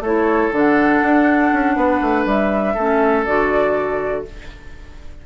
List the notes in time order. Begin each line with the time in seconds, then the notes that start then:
0.00 A3 E4 A4 C#5
0.52 D3 D4 F#5
1.02 D4
1.53 C#4
1.76 B3 B4
2.01 A3
2.26 G3 E5
2.74 A3 C#4 A4
3.25 D3 F#4 D5